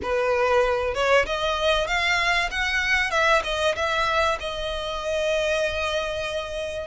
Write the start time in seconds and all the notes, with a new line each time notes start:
0.02 B4
0.94 C#5
1.26 D#5
1.87 F5
2.50 F#5
3.11 E5
3.43 D#5
3.75 E5
4.40 D#5